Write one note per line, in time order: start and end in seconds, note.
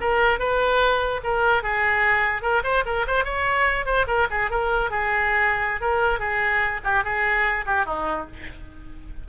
0.00 0.39 A#4
0.39 1.21 B4
1.23 1.63 A#4
1.63 2.42 G#4
2.42 2.62 A#4
2.63 2.83 C5
2.85 3.06 A#4
3.07 3.24 C5
3.24 3.85 C#5
3.85 4.06 C5
4.07 4.27 A#4
4.30 4.50 G#4
4.50 4.90 A#4
4.90 5.80 G#4
5.80 6.19 A#4
6.19 6.80 G#4
6.83 7.04 G4
7.04 7.65 G#4
7.65 7.85 G4
7.85 8.26 D#4